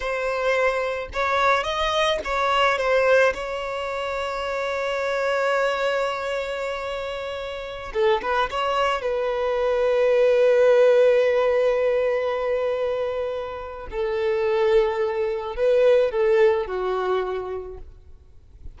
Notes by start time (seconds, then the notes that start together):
0.00 C5
1.13 C#5
1.63 D#5
2.24 C#5
2.78 C5
3.34 C#5
7.93 A4
8.21 B4
8.50 C#5
9.01 B4
13.90 A4
15.56 B4
16.11 A4
16.67 F#4